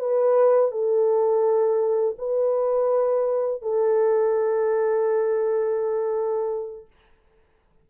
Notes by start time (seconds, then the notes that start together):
0.00 B4
0.72 A4
2.19 B4
3.62 A4